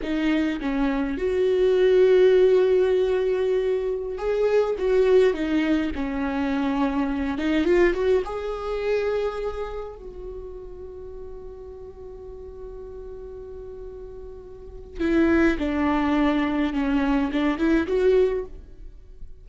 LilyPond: \new Staff \with { instrumentName = "viola" } { \time 4/4 \tempo 4 = 104 dis'4 cis'4 fis'2~ | fis'2.~ fis'16 gis'8.~ | gis'16 fis'4 dis'4 cis'4.~ cis'16~ | cis'8. dis'8 f'8 fis'8 gis'4.~ gis'16~ |
gis'4~ gis'16 fis'2~ fis'8.~ | fis'1~ | fis'2 e'4 d'4~ | d'4 cis'4 d'8 e'8 fis'4 | }